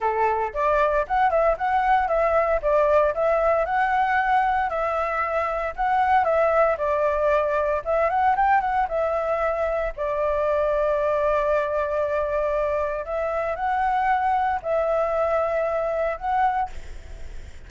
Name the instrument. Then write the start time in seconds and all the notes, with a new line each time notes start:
flute
0.00 A4
0.53 D5
1.07 F#5
1.30 E5
1.57 F#5
2.08 E5
2.62 D5
3.14 E5
3.65 F#5
4.69 E5
5.75 F#5
6.24 E5
6.77 D5
7.85 E5
8.09 F#5
8.36 G5
8.60 F#5
8.88 E5
9.96 D5
13.05 E5
13.55 F#5
14.62 E5
16.17 F#5